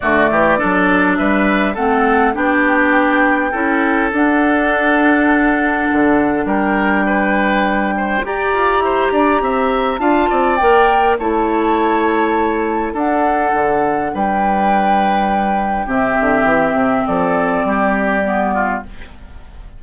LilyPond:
<<
  \new Staff \with { instrumentName = "flute" } { \time 4/4 \tempo 4 = 102 d''2 e''4 fis''4 | g''2. fis''4~ | fis''2. g''4~ | g''2 ais''2~ |
ais''4 a''4 g''4 a''4~ | a''2 fis''2 | g''2. e''4~ | e''4 d''2. | }
  \new Staff \with { instrumentName = "oboe" } { \time 4/4 fis'8 g'8 a'4 b'4 a'4 | g'2 a'2~ | a'2. ais'4 | b'4. c''8 d''4 c''8 d''8 |
e''4 f''8 d''4. cis''4~ | cis''2 a'2 | b'2. g'4~ | g'4 a'4 g'4. f'8 | }
  \new Staff \with { instrumentName = "clarinet" } { \time 4/4 a4 d'2 c'4 | d'2 e'4 d'4~ | d'1~ | d'2 g'2~ |
g'4 f'4 ais'4 e'4~ | e'2 d'2~ | d'2. c'4~ | c'2. b4 | }
  \new Staff \with { instrumentName = "bassoon" } { \time 4/4 d8 e8 fis4 g4 a4 | b2 cis'4 d'4~ | d'2 d4 g4~ | g2 g'8 f'8 e'8 d'8 |
c'4 d'8 c'8 ais4 a4~ | a2 d'4 d4 | g2. c8 d8 | e8 c8 f4 g2 | }
>>